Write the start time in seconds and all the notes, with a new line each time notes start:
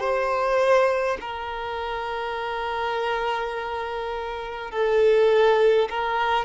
0.00 C5
1.21 A#4
4.71 A4
5.90 A#4